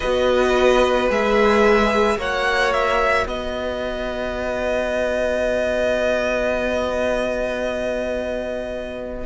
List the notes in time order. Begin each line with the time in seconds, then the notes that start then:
0.00 B3 F#4 B4 D#5
1.09 G#3 G#4 E5
2.16 A#3 F#4 C#5 F#5
2.72 E5
3.26 B3 B4 D#5